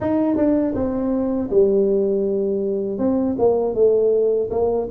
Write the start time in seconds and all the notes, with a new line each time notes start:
0.00 D#4
0.36 D4
0.74 C4
1.50 G3
2.98 C4
3.38 A#3
3.74 A3
4.50 A#3